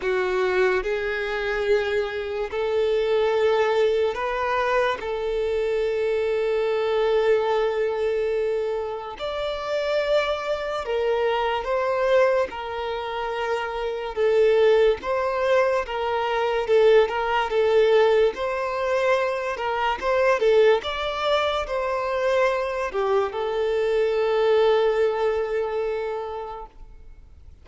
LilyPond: \new Staff \with { instrumentName = "violin" } { \time 4/4 \tempo 4 = 72 fis'4 gis'2 a'4~ | a'4 b'4 a'2~ | a'2. d''4~ | d''4 ais'4 c''4 ais'4~ |
ais'4 a'4 c''4 ais'4 | a'8 ais'8 a'4 c''4. ais'8 | c''8 a'8 d''4 c''4. g'8 | a'1 | }